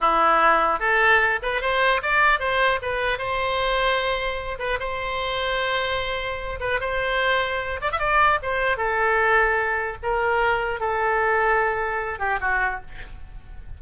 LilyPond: \new Staff \with { instrumentName = "oboe" } { \time 4/4 \tempo 4 = 150 e'2 a'4. b'8 | c''4 d''4 c''4 b'4 | c''2.~ c''8 b'8 | c''1~ |
c''8 b'8 c''2~ c''8 d''16 e''16 | d''4 c''4 a'2~ | a'4 ais'2 a'4~ | a'2~ a'8 g'8 fis'4 | }